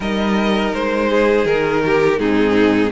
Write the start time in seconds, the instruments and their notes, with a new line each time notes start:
0.00 cello G3, viola D#4, violin A#4 D#5
0.74 cello G#3, violin C5
1.09 violin G#4
1.45 cello D#3, violin A#4
1.85 violin G4
2.18 cello G#2, viola C4, violin D#4 G#4